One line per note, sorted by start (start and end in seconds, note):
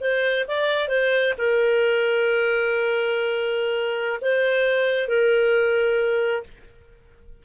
0.00 0.45 C5
0.47 0.88 D5
0.88 1.33 C5
1.38 4.20 A#4
4.21 5.08 C5
5.08 6.43 A#4